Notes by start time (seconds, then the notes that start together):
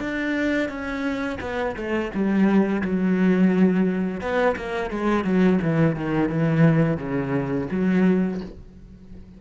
0.00 D4
0.69 C#4
1.41 B3
1.77 A3
2.15 G3
2.82 F#3
4.21 B3
4.57 A#3
4.91 G#3
5.24 F#3
5.62 E3
5.96 D#3
6.29 E3
6.98 C#3
7.71 F#3